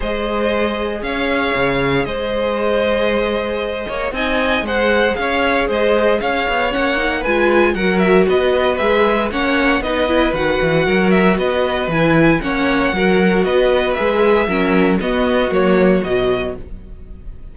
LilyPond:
<<
  \new Staff \with { instrumentName = "violin" } { \time 4/4 \tempo 4 = 116 dis''2 f''2 | dis''1 | gis''4 fis''4 f''4 dis''4 | f''4 fis''4 gis''4 fis''8 e''8 |
dis''4 e''4 fis''4 dis''4 | fis''4. e''8 dis''4 gis''4 | fis''2 dis''4 e''4~ | e''4 dis''4 cis''4 dis''4 | }
  \new Staff \with { instrumentName = "violin" } { \time 4/4 c''2 cis''2 | c''2.~ c''8 cis''8 | dis''4 c''4 cis''4 c''4 | cis''2 b'4 ais'4 |
b'2 cis''4 b'4~ | b'4 ais'4 b'2 | cis''4 ais'4 b'2 | ais'4 fis'2. | }
  \new Staff \with { instrumentName = "viola" } { \time 4/4 gis'1~ | gis'1 | dis'4 gis'2.~ | gis'4 cis'8 dis'8 f'4 fis'4~ |
fis'4 gis'4 cis'4 dis'8 e'8 | fis'2. e'4 | cis'4 fis'2 gis'4 | cis'4 b4 ais4 fis4 | }
  \new Staff \with { instrumentName = "cello" } { \time 4/4 gis2 cis'4 cis4 | gis2.~ gis8 ais8 | c'4 gis4 cis'4 gis4 | cis'8 b8 ais4 gis4 fis4 |
b4 gis4 ais4 b4 | dis8 e8 fis4 b4 e4 | ais4 fis4 b4 gis4 | fis4 b4 fis4 b,4 | }
>>